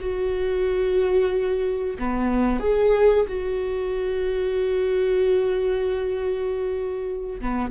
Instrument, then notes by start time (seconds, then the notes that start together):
viola
0.00 F#4
1.99 B3
2.60 G#4
3.28 F#4
7.41 B3